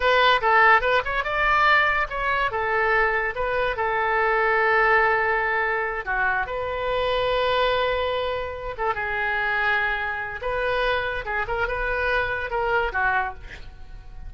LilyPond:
\new Staff \with { instrumentName = "oboe" } { \time 4/4 \tempo 4 = 144 b'4 a'4 b'8 cis''8 d''4~ | d''4 cis''4 a'2 | b'4 a'2.~ | a'2~ a'8 fis'4 b'8~ |
b'1~ | b'4 a'8 gis'2~ gis'8~ | gis'4 b'2 gis'8 ais'8 | b'2 ais'4 fis'4 | }